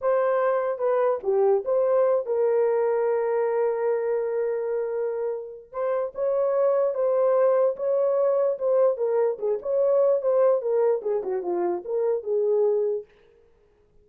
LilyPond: \new Staff \with { instrumentName = "horn" } { \time 4/4 \tempo 4 = 147 c''2 b'4 g'4 | c''4. ais'2~ ais'8~ | ais'1~ | ais'2 c''4 cis''4~ |
cis''4 c''2 cis''4~ | cis''4 c''4 ais'4 gis'8 cis''8~ | cis''4 c''4 ais'4 gis'8 fis'8 | f'4 ais'4 gis'2 | }